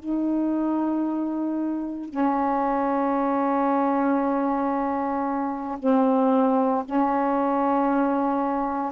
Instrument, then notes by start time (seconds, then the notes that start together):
saxophone
0.00 D#4
2.10 C#4
5.79 C4
6.86 C#4